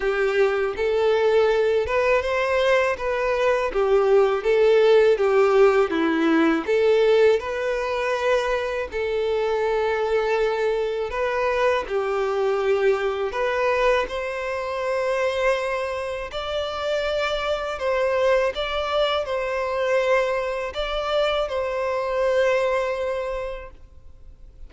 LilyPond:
\new Staff \with { instrumentName = "violin" } { \time 4/4 \tempo 4 = 81 g'4 a'4. b'8 c''4 | b'4 g'4 a'4 g'4 | e'4 a'4 b'2 | a'2. b'4 |
g'2 b'4 c''4~ | c''2 d''2 | c''4 d''4 c''2 | d''4 c''2. | }